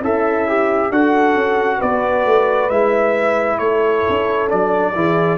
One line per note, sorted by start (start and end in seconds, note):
0.00 0.91 C#4
0.00 0.90 E4
0.00 0.49 A4
0.00 0.92 E5
0.49 0.92 G4
0.91 1.36 D4
0.91 2.71 F#4
0.91 1.78 A4
0.91 1.82 F#5
1.36 1.80 C#4
1.78 2.26 B3
1.78 3.57 B4
1.78 2.70 D5
2.26 2.71 A3
2.70 3.60 G#3
2.70 4.49 E4
2.70 3.59 E5
3.59 4.04 A3
3.59 4.94 A4
3.59 4.48 C#5
4.09 4.53 C#4
4.49 4.96 F#3
4.49 4.94 D4
4.49 5.38 D5
4.95 5.38 E3
4.95 5.38 E4
4.95 5.38 G#4